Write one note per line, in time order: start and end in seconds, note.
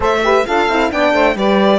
0.00 0.44 A3
0.00 0.22 A4
0.00 0.20 C5
0.00 0.46 E5
0.23 0.46 G4
0.23 0.46 B4
0.46 0.68 D4
0.46 0.69 F4
0.46 0.91 A4
0.46 0.91 F5
0.68 0.91 C4
0.68 0.91 E4
0.91 1.13 B3
0.91 1.35 D4
0.91 1.13 D5
0.91 1.36 G5
1.13 1.35 A3
1.13 1.36 C5
1.35 1.79 G3
1.35 1.79 G4
1.35 1.79 B4
1.35 1.79 D5